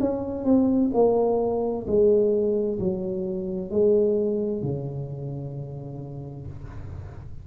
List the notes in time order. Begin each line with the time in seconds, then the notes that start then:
0.00 C#4
0.44 C4
0.94 A#3
1.87 G#3
2.79 F#3
3.70 G#3
4.62 C#3